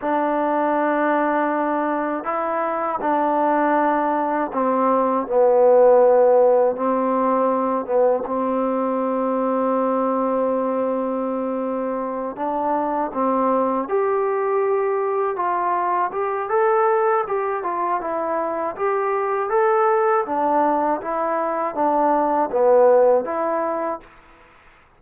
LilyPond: \new Staff \with { instrumentName = "trombone" } { \time 4/4 \tempo 4 = 80 d'2. e'4 | d'2 c'4 b4~ | b4 c'4. b8 c'4~ | c'1~ |
c'8 d'4 c'4 g'4.~ | g'8 f'4 g'8 a'4 g'8 f'8 | e'4 g'4 a'4 d'4 | e'4 d'4 b4 e'4 | }